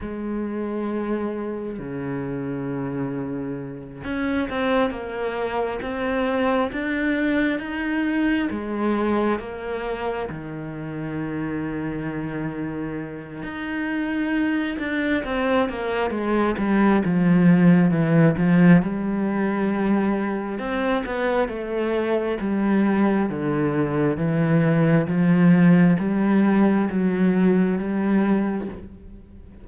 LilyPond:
\new Staff \with { instrumentName = "cello" } { \time 4/4 \tempo 4 = 67 gis2 cis2~ | cis8 cis'8 c'8 ais4 c'4 d'8~ | d'8 dis'4 gis4 ais4 dis8~ | dis2. dis'4~ |
dis'8 d'8 c'8 ais8 gis8 g8 f4 | e8 f8 g2 c'8 b8 | a4 g4 d4 e4 | f4 g4 fis4 g4 | }